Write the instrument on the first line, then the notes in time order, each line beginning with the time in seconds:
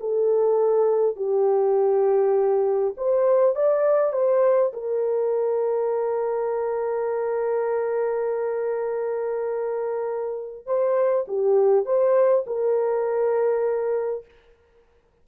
horn
0.00 A4
1.16 G4
2.97 C5
3.55 D5
4.13 C5
4.73 A#4
10.66 C5
11.27 G4
11.85 C5
12.46 A#4